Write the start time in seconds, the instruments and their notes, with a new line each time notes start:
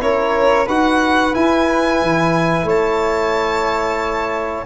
0.00 tuba C#4, trombone E4, flute A#4, violin C#5
0.66 tuba D#4, trombone F#4, flute B4, violin F#5
1.33 trombone E4, tuba E4, violin G#5
2.02 tuba E3
2.64 tuba A3, flute C#5, violin A5